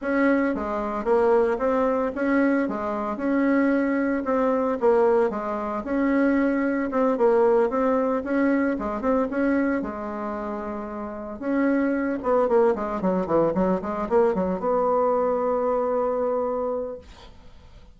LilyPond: \new Staff \with { instrumentName = "bassoon" } { \time 4/4 \tempo 4 = 113 cis'4 gis4 ais4 c'4 | cis'4 gis4 cis'2 | c'4 ais4 gis4 cis'4~ | cis'4 c'8 ais4 c'4 cis'8~ |
cis'8 gis8 c'8 cis'4 gis4.~ | gis4. cis'4. b8 ais8 | gis8 fis8 e8 fis8 gis8 ais8 fis8 b8~ | b1 | }